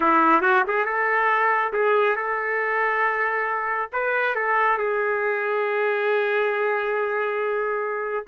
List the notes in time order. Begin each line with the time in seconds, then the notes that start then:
0.00 E4
0.41 F#4
0.67 G#4
0.85 A4
1.73 G#4
2.16 A4
3.92 B4
4.35 A4
4.77 G#4